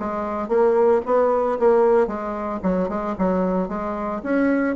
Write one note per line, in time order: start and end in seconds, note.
0.00 0.49 G#3
0.49 1.02 A#3
1.06 1.59 B3
1.60 2.07 A#3
2.07 2.60 G#3
2.63 2.89 F#3
2.89 3.16 G#3
3.19 3.69 F#3
3.69 4.22 G#3
4.24 4.76 C#4